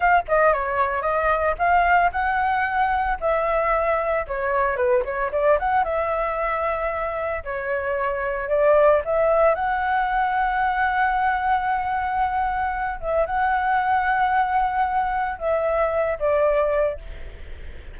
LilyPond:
\new Staff \with { instrumentName = "flute" } { \time 4/4 \tempo 4 = 113 f''8 dis''8 cis''4 dis''4 f''4 | fis''2 e''2 | cis''4 b'8 cis''8 d''8 fis''8 e''4~ | e''2 cis''2 |
d''4 e''4 fis''2~ | fis''1~ | fis''8 e''8 fis''2.~ | fis''4 e''4. d''4. | }